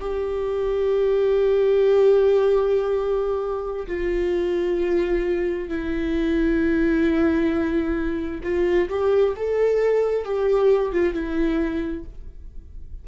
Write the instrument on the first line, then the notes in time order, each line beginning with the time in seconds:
viola
0.00 G4
3.87 F4
5.68 E4
8.43 F4
8.89 G4
9.36 A4
10.24 G4
10.92 F4
11.13 E4